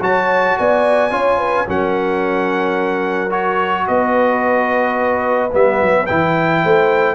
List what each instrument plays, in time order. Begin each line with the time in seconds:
0.00 tuba F#3, trombone F#4, horn C#5, trumpet A5
0.57 tuba B3, horn D5, trumpet G#5
1.10 tuba C#4, trombone F4, horn C#5
1.38 horn B4
1.66 tuba F#3, trombone C#4, horn A#4, trumpet F#5
3.30 trombone F#4, trumpet C#5
3.87 tuba B3, horn B4, trumpet D#5
5.51 tuba G3, trombone B3, trumpet E5
5.81 tuba F#3
6.06 tuba E3, trombone E4, trumpet G5
6.63 tuba A3, horn C5